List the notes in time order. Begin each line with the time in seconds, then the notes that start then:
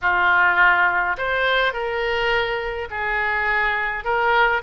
0.01 F4
1.17 C5
1.73 A#4
2.90 G#4
4.04 A#4